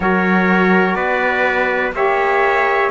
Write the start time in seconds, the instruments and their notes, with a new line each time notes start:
0.00 cello F#3, saxophone F#4, trumpet A#4 C#5
0.94 cello B3, trumpet B4 D5
1.92 cello A#3, saxophone G4, trumpet C#5 E5